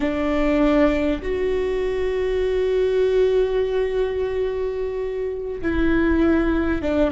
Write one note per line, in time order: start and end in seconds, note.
0.00 1.21 D4
1.21 5.61 F#4
5.61 6.82 E4
6.82 7.11 D4